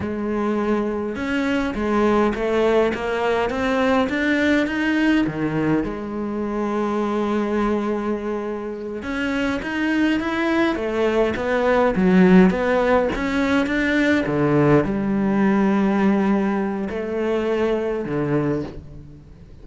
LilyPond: \new Staff \with { instrumentName = "cello" } { \time 4/4 \tempo 4 = 103 gis2 cis'4 gis4 | a4 ais4 c'4 d'4 | dis'4 dis4 gis2~ | gis2.~ gis8 cis'8~ |
cis'8 dis'4 e'4 a4 b8~ | b8 fis4 b4 cis'4 d'8~ | d'8 d4 g2~ g8~ | g4 a2 d4 | }